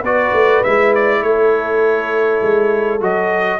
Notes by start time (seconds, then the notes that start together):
0.00 B3 F#4 B4 D5
0.33 A3
0.63 G#3 E4 E5
0.95 D5
1.22 A3 A4 C#5
2.42 G#3
3.00 F#3 F#4 D#5